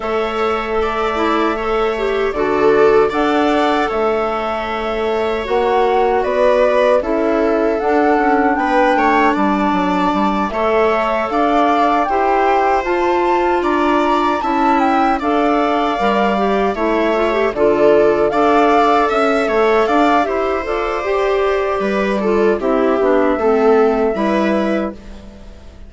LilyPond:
<<
  \new Staff \with { instrumentName = "flute" } { \time 4/4 \tempo 4 = 77 e''2. d''4 | fis''4 e''2 fis''4 | d''4 e''4 fis''4 g''4 | a''4. e''4 f''4 g''8~ |
g''8 a''4 ais''4 a''8 g''8 f''8~ | f''4. e''4 d''4 f''8~ | f''8 e''4 f''8 e''8 d''4.~ | d''4 e''2. | }
  \new Staff \with { instrumentName = "viola" } { \time 4/4 cis''4 d''4 cis''4 a'4 | d''4 cis''2. | b'4 a'2 b'8 cis''8 | d''4. cis''4 d''4 c''8~ |
c''4. d''4 e''4 d''8~ | d''4. cis''4 a'4 d''8~ | d''8 e''8 cis''8 d''8 c''2 | b'8 a'8 g'4 a'4 b'4 | }
  \new Staff \with { instrumentName = "clarinet" } { \time 4/4 a'4. e'8 a'8 g'8 fis'4 | a'2. fis'4~ | fis'4 e'4 d'2~ | d'4. a'2 g'8~ |
g'8 f'2 e'4 a'8~ | a'8 ais'8 g'8 e'8 f'16 g'16 f'4 a'8~ | a'2 g'8 a'8 g'4~ | g'8 f'8 e'8 d'8 c'4 e'4 | }
  \new Staff \with { instrumentName = "bassoon" } { \time 4/4 a2. d4 | d'4 a2 ais4 | b4 cis'4 d'8 cis'8 b8 a8 | g8 fis8 g8 a4 d'4 e'8~ |
e'8 f'4 d'4 cis'4 d'8~ | d'8 g4 a4 d4 d'8~ | d'8 cis'8 a8 d'8 e'8 f'8 g'4 | g4 c'8 b8 a4 g4 | }
>>